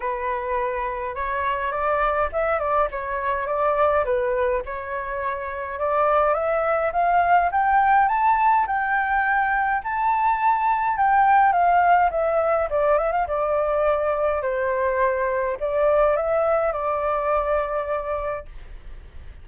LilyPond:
\new Staff \with { instrumentName = "flute" } { \time 4/4 \tempo 4 = 104 b'2 cis''4 d''4 | e''8 d''8 cis''4 d''4 b'4 | cis''2 d''4 e''4 | f''4 g''4 a''4 g''4~ |
g''4 a''2 g''4 | f''4 e''4 d''8 e''16 f''16 d''4~ | d''4 c''2 d''4 | e''4 d''2. | }